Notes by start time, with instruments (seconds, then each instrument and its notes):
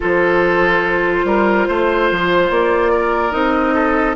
0.00 bassoon F3, clarinet F4, oboe A4, flute C5
1.24 bassoon G3, oboe A#4
1.68 bassoon A3, oboe C5
2.11 bassoon F3
2.50 bassoon A#3, flute D5
2.92 oboe A#4
3.31 bassoon C4, clarinet D#4, flute D#5
3.74 oboe A4